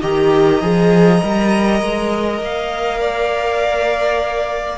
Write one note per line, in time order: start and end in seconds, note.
0.00 0.62 D#3
0.00 0.61 G4
0.00 3.00 D#5
0.00 2.42 A#5
0.61 1.22 F3
0.61 1.22 G#4
1.22 1.81 G3
1.22 4.78 A#4
1.81 2.40 G#3
2.40 4.78 A#3
2.40 4.78 F5
3.00 4.78 D5